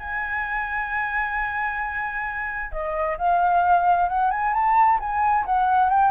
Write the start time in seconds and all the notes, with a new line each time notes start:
0.00 G#5
2.72 D#5
3.18 F5
4.09 F#5
4.31 G#5
4.54 A5
5.00 G#5
5.46 F#5
5.90 G5